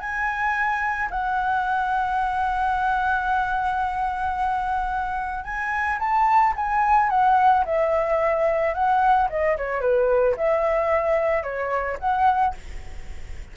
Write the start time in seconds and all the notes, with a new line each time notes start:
0.00 G#5
1.10 F#5
5.44 G#5
5.99 A5
6.56 G#5
7.10 F#5
7.65 E5
8.74 F#5
9.30 D#5
9.57 C#5
9.81 B4
10.37 E5
11.43 C#5
12.00 F#5